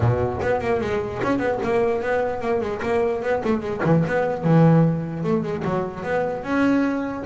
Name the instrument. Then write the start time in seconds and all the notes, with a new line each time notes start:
double bass
0.00 B2
0.41 B3
0.60 A#3
0.80 G#3
1.22 C#4
1.38 B3
1.63 A#3
2.02 B3
2.41 A#3
2.60 G#3
2.82 A#3
3.22 B3
3.43 A3
3.60 G#3
3.84 E3
4.07 B3
4.44 E3
5.23 A3
5.43 G#3
5.64 F#3
6.03 B3
6.43 C#4